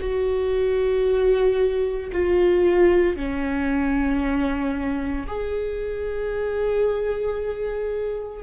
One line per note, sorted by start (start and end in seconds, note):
0.00 2.11 F#4
2.12 3.16 F4
3.16 5.27 C#4
5.27 8.43 G#4